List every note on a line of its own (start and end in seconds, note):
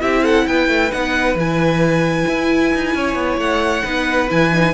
0.00 0.47 C4
0.00 0.90 E4
0.00 0.22 G4
0.00 0.24 E5
0.22 0.45 A4
0.22 0.47 F#5
0.47 0.68 B3
0.47 2.96 B4
0.47 0.91 G5
0.68 0.90 A3
0.91 1.35 B3
0.91 1.37 D#4
0.91 1.36 F#5
1.35 2.25 E3
1.35 3.84 E4
1.35 3.39 G#5
2.27 2.73 E4
2.74 2.95 D#4
2.95 3.14 C#4
2.95 3.83 C#5
3.14 3.37 B3
3.38 3.83 A3
3.38 4.29 F#5
3.83 4.30 B3
3.83 4.29 D#4
3.83 4.73 B4
4.29 4.73 E3
4.29 4.51 E4
4.29 4.73 G#5
4.53 4.73 D#4